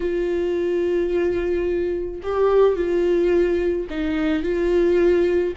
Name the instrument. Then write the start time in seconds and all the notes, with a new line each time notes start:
viola
0.00 F4
2.22 G4
2.76 F4
3.89 D#4
4.42 F4